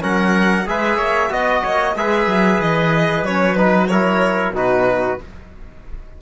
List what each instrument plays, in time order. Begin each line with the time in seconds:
0.00 cello F#3, trombone C#4, trumpet A#4, violin F#5
0.65 cello G#3, trombone G#4, trumpet B4, violin E5
0.97 cello A#3, trumpet C#5
1.29 cello B3, trombone F#4, trumpet D#5, violin D#5
1.62 cello A#3, trumpet C#5
1.95 cello G#3, trombone G#4, trumpet B4, violin E5
2.27 cello F#3
2.60 cello E3, violin D#5
3.22 cello F#3, trombone C#4, violin C#5
3.56 trombone D#4, violin B4
3.87 trombone E4, trumpet A#4, violin C#5
4.50 cello B2, trombone D#4, trumpet F#4
4.57 violin B4